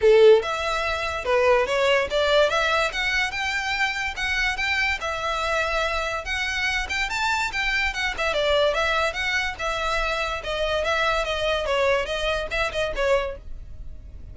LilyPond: \new Staff \with { instrumentName = "violin" } { \time 4/4 \tempo 4 = 144 a'4 e''2 b'4 | cis''4 d''4 e''4 fis''4 | g''2 fis''4 g''4 | e''2. fis''4~ |
fis''8 g''8 a''4 g''4 fis''8 e''8 | d''4 e''4 fis''4 e''4~ | e''4 dis''4 e''4 dis''4 | cis''4 dis''4 e''8 dis''8 cis''4 | }